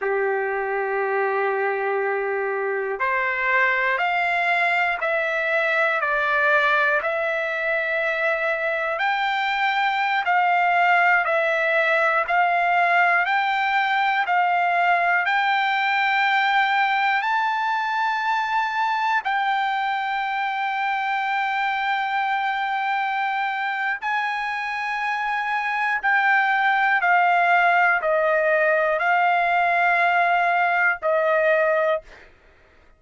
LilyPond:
\new Staff \with { instrumentName = "trumpet" } { \time 4/4 \tempo 4 = 60 g'2. c''4 | f''4 e''4 d''4 e''4~ | e''4 g''4~ g''16 f''4 e''8.~ | e''16 f''4 g''4 f''4 g''8.~ |
g''4~ g''16 a''2 g''8.~ | g''1 | gis''2 g''4 f''4 | dis''4 f''2 dis''4 | }